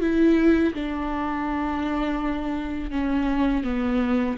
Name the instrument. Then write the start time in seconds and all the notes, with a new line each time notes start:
viola
0.00 E4
0.74 D4
2.90 C#4
3.63 B3